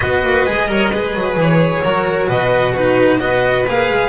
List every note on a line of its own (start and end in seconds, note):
0.00 0.23 B3
0.00 0.46 F#4
0.00 0.67 B4
0.00 1.36 D#5
0.23 0.46 A#3
0.46 0.67 G#3
0.46 0.67 G#4
0.67 0.90 G3
0.67 0.90 A#4
0.67 0.90 C#5
0.90 1.14 G#3
0.90 1.84 G#4
0.90 1.81 B4
1.14 1.36 F#3
1.36 1.82 E3
1.36 2.28 C#5
1.82 2.28 F#3
1.82 2.76 F#4
1.82 2.27 A#4
2.27 3.19 B2
2.27 2.72 B4
2.27 2.74 D#5
2.72 3.19 D#4
2.72 3.18 F#4
2.72 3.19 B4
3.19 3.66 B3
3.19 3.65 F#4
3.19 4.09 B4
3.19 3.65 D#5
3.67 3.90 A#3
3.67 4.09 G#4
3.67 4.09 F5
3.90 4.09 G#3